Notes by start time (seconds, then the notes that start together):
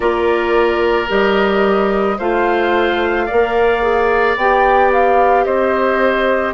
0.00 A#3 F4 A#4 D5
1.08 G3 G4 D#5
2.17 A3 F4 C5 F5
3.26 A#3 A#4 D5
3.81 G#4
4.36 B3 G4 G5
4.92 F5
5.44 C4 C5 D#5